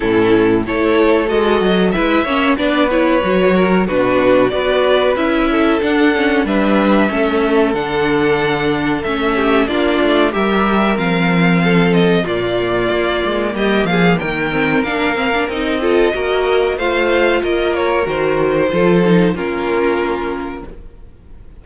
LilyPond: <<
  \new Staff \with { instrumentName = "violin" } { \time 4/4 \tempo 4 = 93 a'4 cis''4 dis''4 e''4 | d''8 cis''4. b'4 d''4 | e''4 fis''4 e''2 | fis''2 e''4 d''4 |
e''4 f''4. dis''8 d''4~ | d''4 dis''8 f''8 g''4 f''4 | dis''2 f''4 dis''8 cis''8 | c''2 ais'2 | }
  \new Staff \with { instrumentName = "violin" } { \time 4/4 e'4 a'2 b'8 cis''8 | b'4. ais'8 fis'4 b'4~ | b'8 a'4. b'4 a'4~ | a'2~ a'8 g'8 f'4 |
ais'2 a'4 f'4~ | f'4 g'8 gis'8 ais'2~ | ais'8 a'8 ais'4 c''4 ais'4~ | ais'4 a'4 f'2 | }
  \new Staff \with { instrumentName = "viola" } { \time 4/4 cis'4 e'4 fis'4 e'8 cis'8 | d'8 e'8 fis'4 d'4 fis'4 | e'4 d'8 cis'8 d'4 cis'4 | d'2 cis'4 d'4 |
g'4 c'2 ais4~ | ais2~ ais8 c'8 d'8 c'16 d'16 | dis'8 f'8 fis'4 f'2 | fis'4 f'8 dis'8 cis'2 | }
  \new Staff \with { instrumentName = "cello" } { \time 4/4 a,4 a4 gis8 fis8 gis8 ais8 | b4 fis4 b,4 b4 | cis'4 d'4 g4 a4 | d2 a4 ais8 a8 |
g4 f2 ais,4 | ais8 gis8 g8 f8 dis4 ais4 | c'4 ais4 a4 ais4 | dis4 f4 ais2 | }
>>